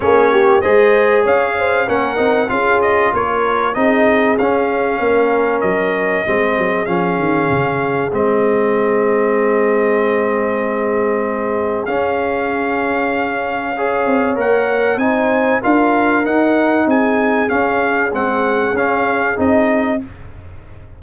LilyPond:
<<
  \new Staff \with { instrumentName = "trumpet" } { \time 4/4 \tempo 4 = 96 cis''4 dis''4 f''4 fis''4 | f''8 dis''8 cis''4 dis''4 f''4~ | f''4 dis''2 f''4~ | f''4 dis''2.~ |
dis''2. f''4~ | f''2. fis''4 | gis''4 f''4 fis''4 gis''4 | f''4 fis''4 f''4 dis''4 | }
  \new Staff \with { instrumentName = "horn" } { \time 4/4 gis'8 g'8 c''4 cis''8 c''8 ais'4 | gis'4 ais'4 gis'2 | ais'2 gis'2~ | gis'1~ |
gis'1~ | gis'2 cis''2 | c''4 ais'2 gis'4~ | gis'1 | }
  \new Staff \with { instrumentName = "trombone" } { \time 4/4 cis'4 gis'2 cis'8 dis'8 | f'2 dis'4 cis'4~ | cis'2 c'4 cis'4~ | cis'4 c'2.~ |
c'2. cis'4~ | cis'2 gis'4 ais'4 | dis'4 f'4 dis'2 | cis'4 c'4 cis'4 dis'4 | }
  \new Staff \with { instrumentName = "tuba" } { \time 4/4 ais4 gis4 cis'4 ais8 c'8 | cis'4 ais4 c'4 cis'4 | ais4 fis4 gis8 fis8 f8 dis8 | cis4 gis2.~ |
gis2. cis'4~ | cis'2~ cis'8 c'8 ais4 | c'4 d'4 dis'4 c'4 | cis'4 gis4 cis'4 c'4 | }
>>